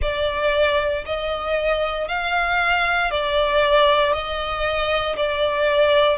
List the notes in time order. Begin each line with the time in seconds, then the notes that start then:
0.01 D5
1.05 D#5
2.08 F5
3.10 D5
4.12 D#5
5.16 D5